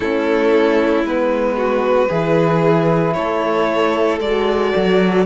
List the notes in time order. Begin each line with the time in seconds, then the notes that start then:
0.00 A3 C#4 E4 A4
1.03 G#3 B3 B4
1.56 F#4
2.09 E3 E4 G#4
3.13 A3 A4 C#5
4.20 G#3 F#4 D5
4.75 F#3